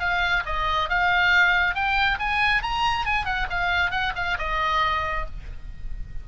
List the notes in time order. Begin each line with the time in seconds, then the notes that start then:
0.00 F5
0.46 D#5
0.90 F5
1.75 G5
2.20 G#5
2.63 A#5
3.06 G#5
3.25 F#5
3.50 F5
3.91 F#5
4.16 F5
4.39 D#5